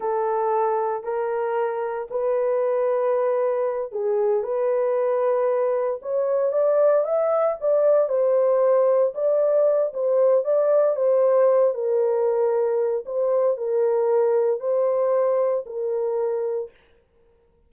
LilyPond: \new Staff \with { instrumentName = "horn" } { \time 4/4 \tempo 4 = 115 a'2 ais'2 | b'2.~ b'8 gis'8~ | gis'8 b'2. cis''8~ | cis''8 d''4 e''4 d''4 c''8~ |
c''4. d''4. c''4 | d''4 c''4. ais'4.~ | ais'4 c''4 ais'2 | c''2 ais'2 | }